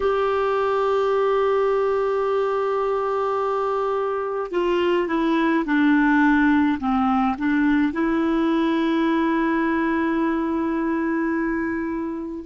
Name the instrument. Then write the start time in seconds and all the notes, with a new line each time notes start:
clarinet
0.00 G4
4.51 F4
5.07 E4
5.65 D4
6.79 C4
7.37 D4
7.92 E4